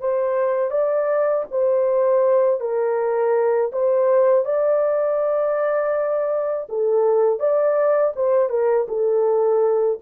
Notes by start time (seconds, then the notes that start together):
0.00 C5
0.71 D5
1.51 C5
2.60 A#4
3.72 C5
4.45 D5
6.69 A4
7.39 D5
8.16 C5
8.49 A#4
8.88 A4